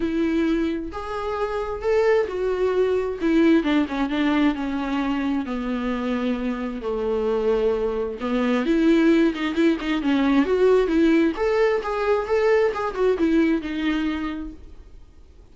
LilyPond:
\new Staff \with { instrumentName = "viola" } { \time 4/4 \tempo 4 = 132 e'2 gis'2 | a'4 fis'2 e'4 | d'8 cis'8 d'4 cis'2 | b2. a4~ |
a2 b4 e'4~ | e'8 dis'8 e'8 dis'8 cis'4 fis'4 | e'4 a'4 gis'4 a'4 | gis'8 fis'8 e'4 dis'2 | }